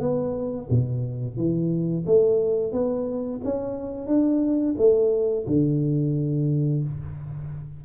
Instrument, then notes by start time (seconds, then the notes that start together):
tuba
0.00 B3
0.70 B2
1.37 E3
2.06 A3
2.72 B3
3.44 C#4
4.07 D4
4.78 A3
5.47 D3